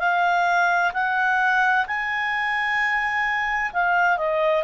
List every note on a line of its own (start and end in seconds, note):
0.00 0.92 F5
0.94 1.86 F#5
1.88 3.72 G#5
3.73 4.18 F5
4.18 4.64 D#5